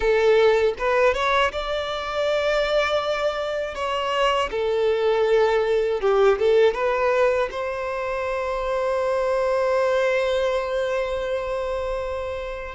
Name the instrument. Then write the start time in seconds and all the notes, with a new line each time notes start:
violin
0.00 A4
0.78 B4
1.14 C#5
1.51 D5
3.74 C#5
4.50 A4
6.00 G4
6.39 A4
6.74 B4
7.51 C5